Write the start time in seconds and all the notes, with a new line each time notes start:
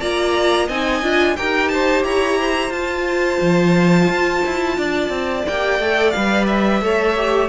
0.00 A#3 F4 D5 A#5
0.66 C4 D#4 D#5 G#5
1.02 D4 F4
1.36 D#4 G4 A#4 G5
1.69 C5 A5
2.04 E4 C#5 A#5
2.39 C5
2.70 F4 A5
3.41 F3
4.08 F4
4.46 E4
4.78 D4 D5
5.09 C4
5.47 A#3 G4 G5
5.79 A3 A4
6.11 G3 B4 F5
6.46 E5
6.82 A3 A4 C#5
7.16 G4